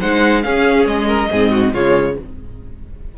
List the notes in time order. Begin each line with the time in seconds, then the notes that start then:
0.00 G#3 D#4 C5 F#5
0.43 C#4 G#4 F5
0.86 G#3 D#5
1.08 A#4
1.32 G#2 C4 G#4
1.51 F#4
1.73 C#3 G#3 F4 C#5